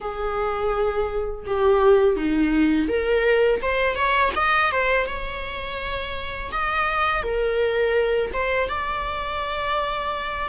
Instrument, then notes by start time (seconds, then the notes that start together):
viola
0.00 G#4
1.46 G4
2.16 D#4
2.88 A#4
3.61 C5
3.95 C#5
4.35 D#5
4.72 C5
5.06 C#5
6.51 D#5
7.22 A#4
8.33 C5
8.68 D5